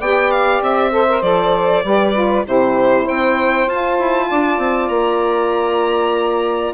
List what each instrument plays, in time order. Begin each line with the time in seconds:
0.00 bassoon B3, saxophone G4 D5, violin G5
0.31 violin F5
0.62 bassoon C4, violin E5
0.91 saxophone A4 C5
1.09 saxophone A#4
1.22 bassoon F3, saxophone A4, violin D5
1.84 bassoon G3, saxophone G4 B4
2.14 saxophone F4
2.45 bassoon C3, saxophone E4 G4, violin C5
3.04 bassoon C4, saxophone C5, violin G5
3.67 bassoon F4, saxophone F4, violin A5
3.99 bassoon E4
4.30 bassoon D4, saxophone D5
4.59 bassoon C4
4.89 bassoon A#3, violin A#5